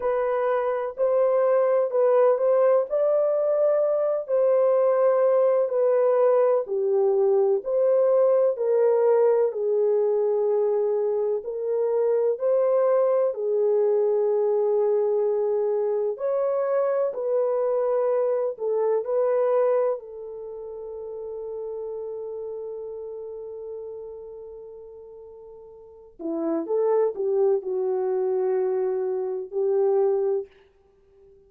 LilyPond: \new Staff \with { instrumentName = "horn" } { \time 4/4 \tempo 4 = 63 b'4 c''4 b'8 c''8 d''4~ | d''8 c''4. b'4 g'4 | c''4 ais'4 gis'2 | ais'4 c''4 gis'2~ |
gis'4 cis''4 b'4. a'8 | b'4 a'2.~ | a'2.~ a'8 e'8 | a'8 g'8 fis'2 g'4 | }